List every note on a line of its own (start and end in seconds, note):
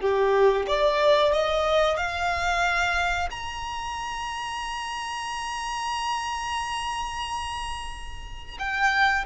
0.00 0.66 G4
0.67 1.32 D5
1.32 1.97 D#5
1.97 3.28 F5
3.30 8.57 A#5
8.59 9.25 G5